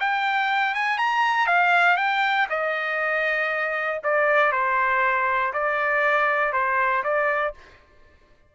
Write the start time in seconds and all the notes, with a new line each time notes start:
0.00 G5
0.74 G#5
0.98 A#5
1.47 F5
1.97 G5
2.50 D#5
4.03 D5
4.52 C5
5.53 D5
6.53 C5
7.03 D5